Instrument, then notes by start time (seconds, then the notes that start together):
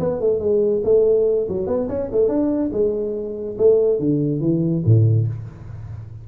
tuba
0.00 B3
0.21 A3
0.40 G#3
0.85 A3
1.49 F#3
1.67 B3
1.89 C#4
2.12 A3
2.29 D4
2.73 G#3
3.58 A3
3.99 D3
4.41 E3
4.86 A2